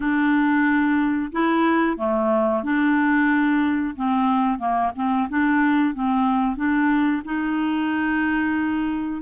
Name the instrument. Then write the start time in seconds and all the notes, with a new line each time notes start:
clarinet
0.00 D4
1.32 E4
1.97 A3
2.63 D4
3.96 C4
4.58 A#3
4.95 C4
5.29 D4
5.94 C4
6.56 D4
7.25 D#4